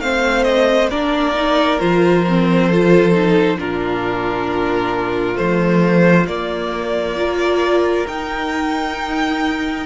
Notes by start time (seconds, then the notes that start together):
0.00 A3 C4 C5 F5
0.44 D#5
0.91 A#3 D4 A#4 D5
1.34 D#4
1.80 F3 F4 C5
2.28 C4
2.68 F4 A4
3.12 D#4
3.58 A#2 D4 F4 A#4
5.35 F3 A3 C5
6.26 A#3 D5
7.17 F4 A#4
8.08 D#4 G5